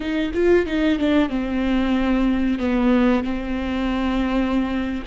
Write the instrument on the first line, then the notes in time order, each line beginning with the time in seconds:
viola
0.00 D#4
0.33 F4
0.66 D#4
0.98 D4
1.29 C4
2.58 B3
3.24 C4